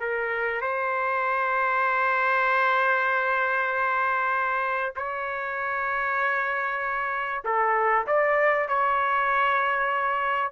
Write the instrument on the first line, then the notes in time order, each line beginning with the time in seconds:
trumpet
0.00 A#4
0.61 C5
4.96 C#5
7.44 A4
8.07 D5
8.68 C#5